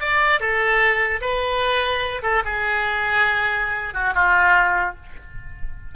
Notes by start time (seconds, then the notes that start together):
0.00 D5
0.40 A4
1.21 B4
2.23 A4
2.45 G#4
3.94 F#4
4.15 F4